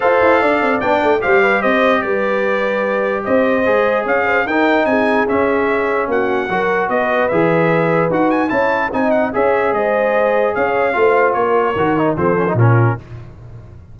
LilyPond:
<<
  \new Staff \with { instrumentName = "trumpet" } { \time 4/4 \tempo 4 = 148 f''2 g''4 f''4 | dis''4 d''2. | dis''2 f''4 g''4 | gis''4 e''2 fis''4~ |
fis''4 dis''4 e''2 | fis''8 gis''8 a''4 gis''8 fis''8 e''4 | dis''2 f''2 | cis''2 c''4 ais'4 | }
  \new Staff \with { instrumentName = "horn" } { \time 4/4 c''4 d''2 c''8 b'8 | c''4 b'2. | c''2 cis''8 c''8 ais'4 | gis'2. fis'4 |
ais'4 b'2.~ | b'4 cis''4 dis''4 cis''4 | c''2 cis''4 c''4 | ais'2 a'4 f'4 | }
  \new Staff \with { instrumentName = "trombone" } { \time 4/4 a'2 d'4 g'4~ | g'1~ | g'4 gis'2 dis'4~ | dis'4 cis'2. |
fis'2 gis'2 | fis'4 e'4 dis'4 gis'4~ | gis'2. f'4~ | f'4 fis'8 dis'8 c'8 cis'16 dis'16 cis'4 | }
  \new Staff \with { instrumentName = "tuba" } { \time 4/4 f'8 e'8 d'8 c'8 b8 a8 g4 | c'4 g2. | c'4 gis4 cis'4 dis'4 | c'4 cis'2 ais4 |
fis4 b4 e2 | dis'4 cis'4 c'4 cis'4 | gis2 cis'4 a4 | ais4 dis4 f4 ais,4 | }
>>